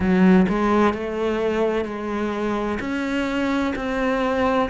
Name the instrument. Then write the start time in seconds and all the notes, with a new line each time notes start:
cello
0.00 F#3
0.49 G#3
0.93 A3
1.85 G#3
2.80 C#4
3.75 C4